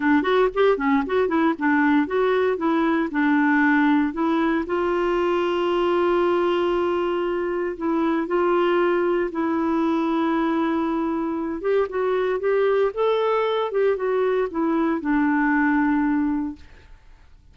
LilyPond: \new Staff \with { instrumentName = "clarinet" } { \time 4/4 \tempo 4 = 116 d'8 fis'8 g'8 cis'8 fis'8 e'8 d'4 | fis'4 e'4 d'2 | e'4 f'2.~ | f'2. e'4 |
f'2 e'2~ | e'2~ e'8 g'8 fis'4 | g'4 a'4. g'8 fis'4 | e'4 d'2. | }